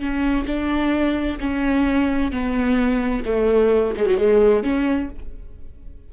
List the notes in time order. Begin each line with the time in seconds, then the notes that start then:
0.00 C#4
0.47 D4
1.40 C#4
2.32 B3
3.26 A3
3.97 G#3
4.07 F#3
4.18 G#3
4.64 C#4